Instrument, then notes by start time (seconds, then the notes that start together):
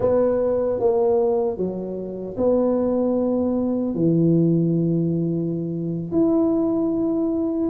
tuba
0.00 B3
0.79 A#3
1.57 F#3
2.37 B3
3.95 E3
6.11 E4